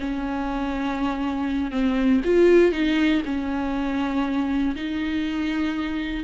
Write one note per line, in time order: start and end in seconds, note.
0.00 1.71 C#4
1.71 2.21 C4
2.24 2.72 F4
2.72 3.22 D#4
3.25 4.75 C#4
4.75 6.24 D#4